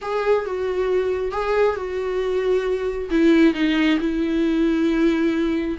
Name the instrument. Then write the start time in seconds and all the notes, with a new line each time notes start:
viola
0.01 G#4
0.45 F#4
1.31 G#4
1.76 F#4
3.10 E4
3.53 D#4
4.00 E4